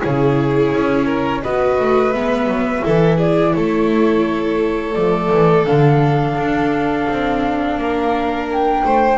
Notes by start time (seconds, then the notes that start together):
0.00 C#3 E4 G#4 C#5
0.72 C#4
1.05 A#4
1.42 B3 F#4 B4 D#5
1.79 A3
2.12 G#3 B3 E5
2.46 F#3
2.82 E3 E4 A4
3.17 G#4 D5
3.53 A3 A4 C#5
4.94 F3 A3 D5
5.32 E3
5.66 D3 D4 F5
6.36 D4
7.08 C4
7.77 A#3 A#4
8.51 G5
8.84 A3 C5